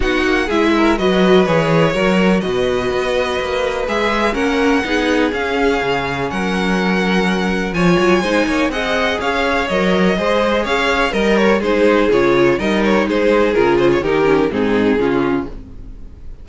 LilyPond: <<
  \new Staff \with { instrumentName = "violin" } { \time 4/4 \tempo 4 = 124 fis''4 e''4 dis''4 cis''4~ | cis''4 dis''2. | e''4 fis''2 f''4~ | f''4 fis''2. |
gis''2 fis''4 f''4 | dis''2 f''4 dis''8 cis''8 | c''4 cis''4 dis''8 cis''8 c''4 | ais'8 c''16 cis''16 ais'4 gis'2 | }
  \new Staff \with { instrumentName = "violin" } { \time 4/4 fis'4 gis'8 ais'8 b'2 | ais'4 b'2.~ | b'4 ais'4 gis'2~ | gis'4 ais'2. |
cis''4 c''8 cis''8 dis''4 cis''4~ | cis''4 c''4 cis''4 ais'4 | gis'2 ais'4 gis'4~ | gis'4 g'4 dis'4 f'4 | }
  \new Staff \with { instrumentName = "viola" } { \time 4/4 dis'4 e'4 fis'4 gis'4 | fis'1 | gis'4 cis'4 dis'4 cis'4~ | cis'1 |
f'4 dis'4 gis'2 | ais'4 gis'2 ais'4 | dis'4 f'4 dis'2 | f'4 dis'8 cis'8 c'4 cis'4 | }
  \new Staff \with { instrumentName = "cello" } { \time 4/4 b8 ais8 gis4 fis4 e4 | fis4 b,4 b4 ais4 | gis4 ais4 b4 cis'4 | cis4 fis2. |
f8 fis8 gis8 ais8 c'4 cis'4 | fis4 gis4 cis'4 g4 | gis4 cis4 g4 gis4 | cis4 dis4 gis,4 cis4 | }
>>